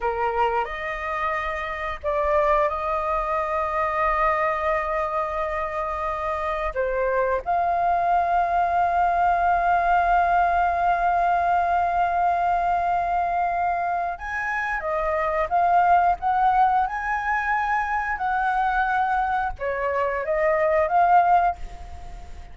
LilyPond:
\new Staff \with { instrumentName = "flute" } { \time 4/4 \tempo 4 = 89 ais'4 dis''2 d''4 | dis''1~ | dis''2 c''4 f''4~ | f''1~ |
f''1~ | f''4 gis''4 dis''4 f''4 | fis''4 gis''2 fis''4~ | fis''4 cis''4 dis''4 f''4 | }